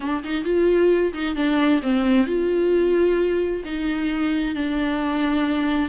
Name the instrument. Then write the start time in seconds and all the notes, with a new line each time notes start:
viola
0.00 D4
0.24 D#4
0.44 F4
1.13 D#4
1.35 D4
1.82 C4
2.26 F4
3.64 D#4
4.55 D4